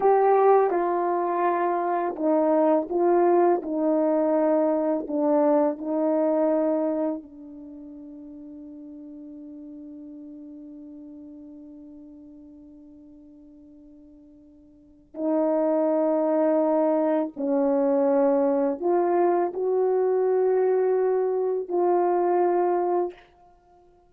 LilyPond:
\new Staff \with { instrumentName = "horn" } { \time 4/4 \tempo 4 = 83 g'4 f'2 dis'4 | f'4 dis'2 d'4 | dis'2 d'2~ | d'1~ |
d'1~ | d'4 dis'2. | cis'2 f'4 fis'4~ | fis'2 f'2 | }